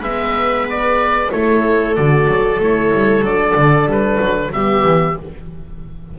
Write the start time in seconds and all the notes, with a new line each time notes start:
0.00 G#3 B3 B4 E5
0.69 D5
1.31 A3 E4 A4 C#5
1.94 D3 F#4 D5
2.27 F#3
2.59 A3 E4 C#5
2.93 G3
3.21 F#3 D4 D5
3.56 D3
3.86 G3 B4
4.20 F#3
4.52 G3 B3 G4 E5
4.84 E3